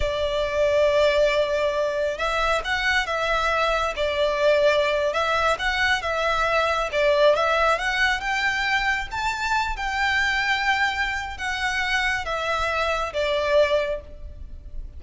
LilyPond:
\new Staff \with { instrumentName = "violin" } { \time 4/4 \tempo 4 = 137 d''1~ | d''4 e''4 fis''4 e''4~ | e''4 d''2~ d''8. e''16~ | e''8. fis''4 e''2 d''16~ |
d''8. e''4 fis''4 g''4~ g''16~ | g''8. a''4. g''4.~ g''16~ | g''2 fis''2 | e''2 d''2 | }